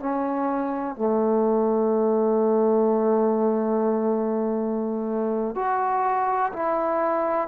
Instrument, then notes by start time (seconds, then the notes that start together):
trombone
0.00 C#4
0.96 A3
5.56 F#4
6.53 E4